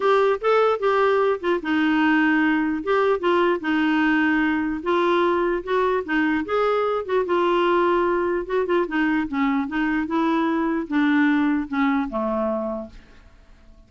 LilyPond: \new Staff \with { instrumentName = "clarinet" } { \time 4/4 \tempo 4 = 149 g'4 a'4 g'4. f'8 | dis'2. g'4 | f'4 dis'2. | f'2 fis'4 dis'4 |
gis'4. fis'8 f'2~ | f'4 fis'8 f'8 dis'4 cis'4 | dis'4 e'2 d'4~ | d'4 cis'4 a2 | }